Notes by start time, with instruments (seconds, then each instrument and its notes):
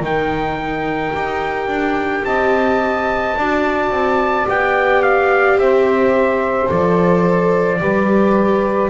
0.00 double bass D#3, viola D#4, saxophone A#4, trumpet G5
1.13 double bass D#4, viola G4
1.68 double bass D4
2.24 double bass C4, saxophone D#5, trumpet A5
3.37 double bass D4, viola F#4, saxophone D5
3.91 double bass C4
4.45 double bass B3, viola G4, trumpet G5
5.03 trumpet F5
5.58 double bass C4, saxophone C5, trumpet E5
6.66 double bass F3, viola A4, trumpet D5
7.79 double bass G3, viola G4, saxophone B4